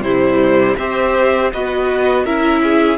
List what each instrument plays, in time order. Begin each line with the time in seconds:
0.00 cello C3, viola G3, violin E4 C5
0.77 cello C4, viola G4, violin C5 E5
1.52 cello B3, viola F#4, violin B4 D#5
2.24 cello C#4, viola E4, violin A#4 E5
2.63 violin G#4